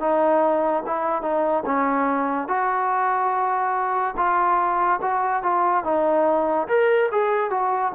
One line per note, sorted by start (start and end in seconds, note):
0.00 0.83 D#4
0.86 1.22 E4
1.22 1.64 D#4
1.66 2.48 C#4
2.48 4.15 F#4
4.17 5.00 F4
5.02 5.43 F#4
5.43 5.84 F4
5.84 6.67 D#4
6.68 7.10 A#4
7.11 7.50 G#4
7.50 7.92 F#4